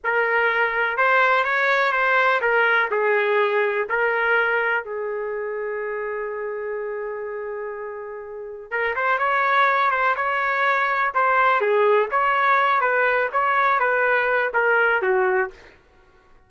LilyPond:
\new Staff \with { instrumentName = "trumpet" } { \time 4/4 \tempo 4 = 124 ais'2 c''4 cis''4 | c''4 ais'4 gis'2 | ais'2 gis'2~ | gis'1~ |
gis'2 ais'8 c''8 cis''4~ | cis''8 c''8 cis''2 c''4 | gis'4 cis''4. b'4 cis''8~ | cis''8 b'4. ais'4 fis'4 | }